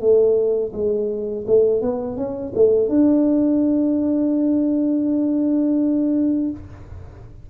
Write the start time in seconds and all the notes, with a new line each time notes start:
0.00 A3
0.73 G#3
1.47 A3
1.81 B3
2.17 C#4
2.55 A3
2.89 D4